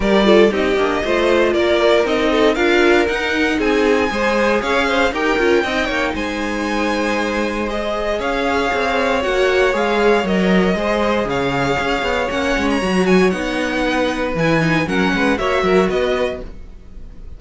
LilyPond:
<<
  \new Staff \with { instrumentName = "violin" } { \time 4/4 \tempo 4 = 117 d''4 dis''2 d''4 | dis''4 f''4 fis''4 gis''4~ | gis''4 f''4 g''2 | gis''2. dis''4 |
f''2 fis''4 f''4 | dis''2 f''2 | fis''8. ais''8. gis''8 fis''2 | gis''4 fis''4 e''4 dis''4 | }
  \new Staff \with { instrumentName = "violin" } { \time 4/4 ais'8 a'8 g'4 c''4 ais'4~ | ais'8 a'8 ais'2 gis'4 | c''4 cis''8 c''8 ais'4 dis''8 cis''8 | c''1 |
cis''1~ | cis''4 c''4 cis''2~ | cis''2. b'4~ | b'4 ais'8 b'8 cis''8 ais'8 b'4 | }
  \new Staff \with { instrumentName = "viola" } { \time 4/4 g'8 f'8 dis'8 d'8 f'2 | dis'4 f'4 dis'2 | gis'2 g'8 f'8 dis'4~ | dis'2. gis'4~ |
gis'2 fis'4 gis'4 | ais'4 gis'2. | cis'4 fis'4 dis'2 | e'8 dis'8 cis'4 fis'2 | }
  \new Staff \with { instrumentName = "cello" } { \time 4/4 g4 c'8 ais8 a4 ais4 | c'4 d'4 dis'4 c'4 | gis4 cis'4 dis'8 cis'8 c'8 ais8 | gis1 |
cis'4 c'4 ais4 gis4 | fis4 gis4 cis4 cis'8 b8 | ais8 gis8 fis4 b2 | e4 fis8 gis8 ais8 fis8 b4 | }
>>